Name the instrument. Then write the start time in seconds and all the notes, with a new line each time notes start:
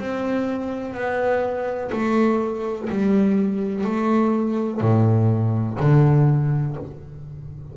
double bass
0.00 C4
0.95 B3
1.92 A3
2.90 G3
3.85 A3
4.81 A2
5.80 D3